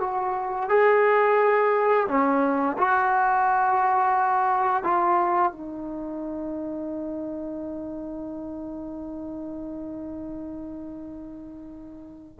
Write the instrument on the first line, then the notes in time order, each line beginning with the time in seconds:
trombone
0.00 F#4
0.69 G#4
2.08 C#4
2.78 F#4
4.83 F4
5.52 D#4